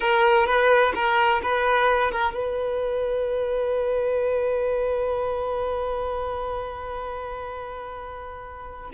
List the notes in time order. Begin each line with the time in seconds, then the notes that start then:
0.00 A#4
0.46 B4
0.94 A#4
1.43 B4
2.11 A#4
2.34 B4